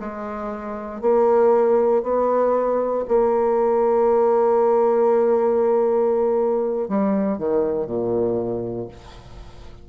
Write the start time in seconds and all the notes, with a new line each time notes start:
0.00 G#3
1.02 A#3
2.03 B3
3.08 A#3
6.88 G3
7.38 D#3
7.87 A#2